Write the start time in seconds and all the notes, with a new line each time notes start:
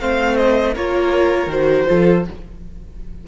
0.00 A3 C4 C5 F5
0.36 D#5
0.74 A#3 F4 A#4 C#5
1.46 D#3 F#4 C5
1.87 F3 F4 A4